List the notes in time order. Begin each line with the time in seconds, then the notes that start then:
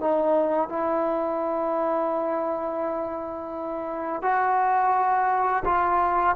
0.00 D#4
0.69 E4
4.22 F#4
5.65 F4